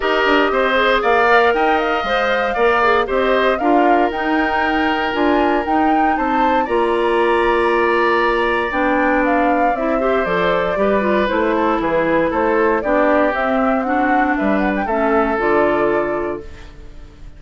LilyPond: <<
  \new Staff \with { instrumentName = "flute" } { \time 4/4 \tempo 4 = 117 dis''2 f''4 g''8 f''8~ | f''2 dis''4 f''4 | g''2 gis''4 g''4 | a''4 ais''2.~ |
ais''4 g''4 f''4 e''4 | d''2 c''4 b'4 | c''4 d''4 e''4 fis''4 | e''8 fis''16 g''16 e''4 d''2 | }
  \new Staff \with { instrumentName = "oboe" } { \time 4/4 ais'4 c''4 d''4 dis''4~ | dis''4 d''4 c''4 ais'4~ | ais'1 | c''4 d''2.~ |
d''2.~ d''8 c''8~ | c''4 b'4. a'8 gis'4 | a'4 g'2 fis'4 | b'4 a'2. | }
  \new Staff \with { instrumentName = "clarinet" } { \time 4/4 g'4. gis'4 ais'4. | c''4 ais'8 gis'8 g'4 f'4 | dis'2 f'4 dis'4~ | dis'4 f'2.~ |
f'4 d'2 e'8 g'8 | a'4 g'8 f'8 e'2~ | e'4 d'4 c'4 d'4~ | d'4 cis'4 f'2 | }
  \new Staff \with { instrumentName = "bassoon" } { \time 4/4 dis'8 d'8 c'4 ais4 dis'4 | gis4 ais4 c'4 d'4 | dis'2 d'4 dis'4 | c'4 ais2.~ |
ais4 b2 c'4 | f4 g4 a4 e4 | a4 b4 c'2 | g4 a4 d2 | }
>>